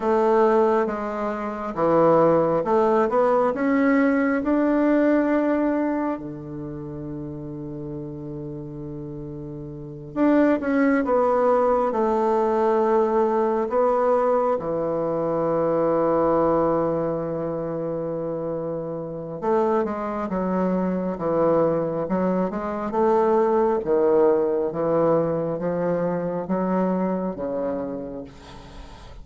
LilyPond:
\new Staff \with { instrumentName = "bassoon" } { \time 4/4 \tempo 4 = 68 a4 gis4 e4 a8 b8 | cis'4 d'2 d4~ | d2.~ d8 d'8 | cis'8 b4 a2 b8~ |
b8 e2.~ e8~ | e2 a8 gis8 fis4 | e4 fis8 gis8 a4 dis4 | e4 f4 fis4 cis4 | }